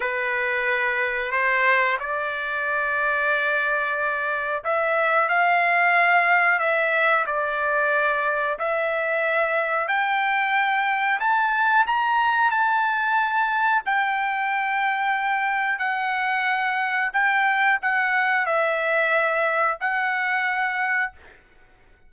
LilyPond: \new Staff \with { instrumentName = "trumpet" } { \time 4/4 \tempo 4 = 91 b'2 c''4 d''4~ | d''2. e''4 | f''2 e''4 d''4~ | d''4 e''2 g''4~ |
g''4 a''4 ais''4 a''4~ | a''4 g''2. | fis''2 g''4 fis''4 | e''2 fis''2 | }